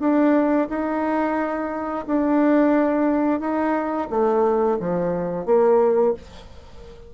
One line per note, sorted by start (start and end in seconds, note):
0.00 0.68 D4
0.69 2.06 D#4
2.07 3.40 D4
3.40 4.08 D#4
4.10 4.78 A3
4.80 5.46 F3
5.46 6.14 A#3